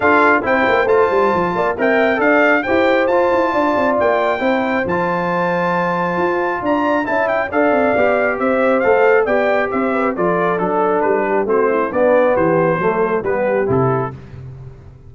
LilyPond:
<<
  \new Staff \with { instrumentName = "trumpet" } { \time 4/4 \tempo 4 = 136 f''4 g''4 a''2 | g''4 f''4 g''4 a''4~ | a''4 g''2 a''4~ | a''2. ais''4 |
a''8 g''8 f''2 e''4 | f''4 g''4 e''4 d''4 | a'4 b'4 c''4 d''4 | c''2 b'4 a'4 | }
  \new Staff \with { instrumentName = "horn" } { \time 4/4 a'4 c''2~ c''8 d''8 | e''4 d''4 c''2 | d''2 c''2~ | c''2. d''4 |
e''4 d''2 c''4~ | c''4 d''4 c''8 b'8 a'4~ | a'4. g'8 fis'8 e'8 d'4 | g'4 a'4 g'2 | }
  \new Staff \with { instrumentName = "trombone" } { \time 4/4 f'4 e'4 f'2 | ais'4 a'4 g'4 f'4~ | f'2 e'4 f'4~ | f'1 |
e'4 a'4 g'2 | a'4 g'2 f'4 | d'2 c'4 b4~ | b4 a4 b4 e'4 | }
  \new Staff \with { instrumentName = "tuba" } { \time 4/4 d'4 c'8 ais8 a8 g8 f8 ais8 | c'4 d'4 e'4 f'8 e'8 | d'8 c'8 ais4 c'4 f4~ | f2 f'4 d'4 |
cis'4 d'8 c'8 b4 c'4 | a4 b4 c'4 f4 | fis4 g4 a4 b4 | e4 fis4 g4 c4 | }
>>